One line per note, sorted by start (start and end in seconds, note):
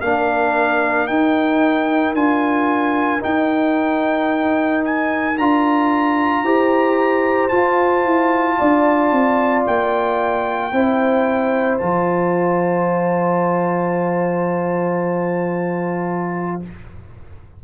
0.00 1.09 A#3
0.00 1.09 D4
0.00 6.43 A#4
0.00 1.07 F5
1.07 2.14 D#4
1.07 2.17 D#4
1.07 2.15 G5
2.14 3.21 D4
2.14 3.21 F4
2.14 3.23 G#5
3.21 5.35 D#4
3.21 5.38 D#4
3.21 4.85 G5
4.85 5.38 G#5
5.38 6.43 D4
5.38 6.45 F4
5.38 7.49 A#5
6.43 7.50 E4
6.43 7.51 G4
6.43 8.59 C5
7.49 10.73 F4
7.49 8.05 F4
7.49 9.63 A5
8.05 8.59 E4
8.59 9.12 D4
8.59 10.73 D5
9.12 9.66 C4
9.67 10.73 A#3
9.67 11.78 G5
10.73 11.80 C4
10.73 11.81 E4
10.73 16.62 C5
11.78 16.64 F3
11.78 16.63 F4
11.78 16.60 A5